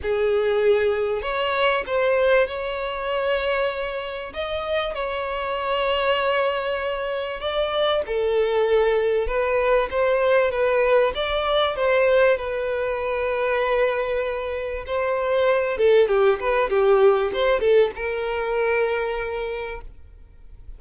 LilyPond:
\new Staff \with { instrumentName = "violin" } { \time 4/4 \tempo 4 = 97 gis'2 cis''4 c''4 | cis''2. dis''4 | cis''1 | d''4 a'2 b'4 |
c''4 b'4 d''4 c''4 | b'1 | c''4. a'8 g'8 b'8 g'4 | c''8 a'8 ais'2. | }